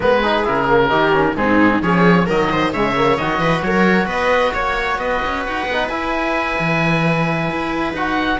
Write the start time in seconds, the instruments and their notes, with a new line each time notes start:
0.00 cello G#3, trombone B3, viola A#4, oboe B4
0.21 trombone D#4, viola G#4
0.44 cello C#3, trombone E4, oboe A#4
0.67 trombone A#3
0.89 cello D#3, trombone D#4, viola G4
1.12 trombone C#4
1.36 cello G#2, trombone C4, viola D#4, oboe G#4
1.81 cello F3, trombone C#4, viola G#4, oboe C#5
2.26 cello D#3, trombone F#3, viola A#4, oboe D#5
2.52 viola C5
2.72 cello C#3, trombone G#3, viola C#5, oboe E5
2.95 trombone A#3
3.16 cello D#3, trombone F#4, oboe D#5
3.38 cello E3, viola B4
3.62 cello F#3, viola A#4, oboe C#5
4.05 cello B3, viola B4, oboe D#5
4.53 cello A#3, oboe C#5, viola C#5
4.97 cello B3, viola B4, oboe D#5
5.25 cello C#4
5.46 cello D#4, oboe F#5
5.66 cello B3
5.72 trombone D#4
5.88 cello E4, trombone E4, oboe G#5
6.59 cello E3
7.50 cello E4
7.93 cello D#4, trombone F#4, oboe F#5